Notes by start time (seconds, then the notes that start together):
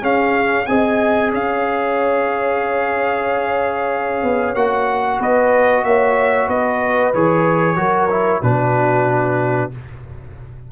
0.00 C#4 G#4 F5
0.66 C4 G#4 D#5 G#5
1.31 C#4 C#5 F5
4.23 B3
4.54 A#3 F#4 F#5
5.19 B3 B4 D#5
5.83 A#3 C#5 E5
6.47 B3 B4 D#5
7.14 E3 G#4 C#5
7.76 F#3 F#4 A#4
8.10 E4
8.42 B2 D4 F#4 B4